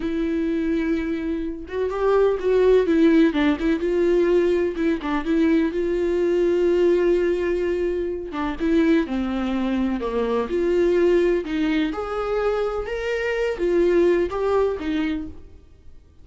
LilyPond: \new Staff \with { instrumentName = "viola" } { \time 4/4 \tempo 4 = 126 e'2.~ e'8 fis'8 | g'4 fis'4 e'4 d'8 e'8 | f'2 e'8 d'8 e'4 | f'1~ |
f'4. d'8 e'4 c'4~ | c'4 ais4 f'2 | dis'4 gis'2 ais'4~ | ais'8 f'4. g'4 dis'4 | }